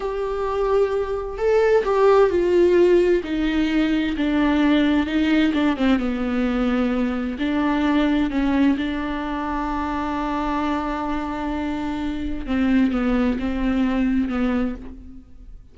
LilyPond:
\new Staff \with { instrumentName = "viola" } { \time 4/4 \tempo 4 = 130 g'2. a'4 | g'4 f'2 dis'4~ | dis'4 d'2 dis'4 | d'8 c'8 b2. |
d'2 cis'4 d'4~ | d'1~ | d'2. c'4 | b4 c'2 b4 | }